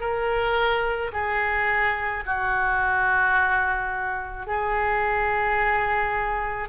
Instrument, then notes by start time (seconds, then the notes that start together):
oboe
0.00 A#4
1.13 G#4
2.26 F#4
4.47 G#4